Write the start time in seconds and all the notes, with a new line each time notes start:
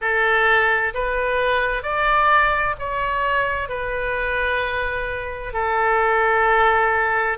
0.01 A4
0.94 B4
1.83 D5
2.79 C#5
3.68 B4
5.53 A4